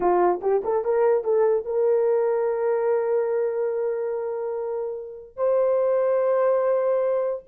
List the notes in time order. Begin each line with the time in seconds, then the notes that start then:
0.00 F4
0.41 G4
0.64 A4
0.84 A#4
1.24 A4
1.65 A#4
5.36 C5